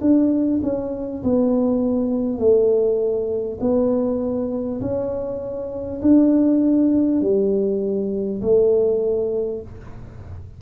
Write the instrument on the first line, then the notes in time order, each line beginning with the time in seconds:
tuba
0.00 D4
0.63 C#4
1.23 B3
2.38 A3
3.60 B3
4.80 C#4
6.01 D4
7.21 G3
8.41 A3